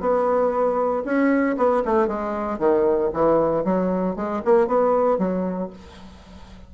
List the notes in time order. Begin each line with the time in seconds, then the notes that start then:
0.00 B3
1.05 C#4
1.57 B3
1.85 A3
2.08 G#3
2.58 D#3
3.13 E3
3.64 F#3
4.16 G#3
4.44 A#3
4.67 B3
5.18 F#3